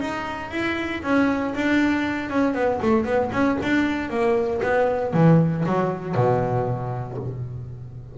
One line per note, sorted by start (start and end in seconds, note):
0.00 0.51 D#4
0.51 1.02 E4
1.03 1.54 C#4
1.55 2.30 D4
2.30 2.54 C#4
2.54 2.80 B3
2.82 3.04 A3
3.04 3.30 B3
3.32 3.58 C#4
3.63 4.10 D4
4.10 4.61 A#3
4.63 5.13 B3
5.13 5.65 E3
5.66 6.15 F#3
6.15 7.17 B2